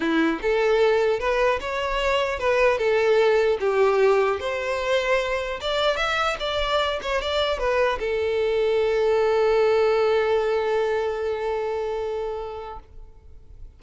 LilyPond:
\new Staff \with { instrumentName = "violin" } { \time 4/4 \tempo 4 = 150 e'4 a'2 b'4 | cis''2 b'4 a'4~ | a'4 g'2 c''4~ | c''2 d''4 e''4 |
d''4. cis''8 d''4 b'4 | a'1~ | a'1~ | a'1 | }